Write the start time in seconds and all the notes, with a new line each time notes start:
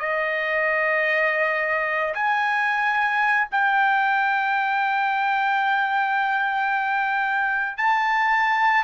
0.00 D#5
2.14 G#5
3.52 G5
7.78 A5